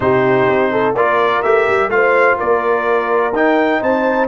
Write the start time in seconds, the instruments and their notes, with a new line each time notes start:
0.00 tuba C3, trombone D#4, horn G4, trumpet C5
0.48 tuba C4
0.71 horn A4
0.95 tuba A#3, trombone F4, horn A#4, trumpet D5
1.42 tuba A3, trombone G4, trumpet E5
1.68 tuba G3
1.88 tuba A3, trombone F4, horn C5, trumpet F5
2.37 tuba A#3, horn A#4, trumpet D5
3.32 tuba D#4, trombone D#4, trumpet G5
3.80 tuba C4, horn C5, trumpet A5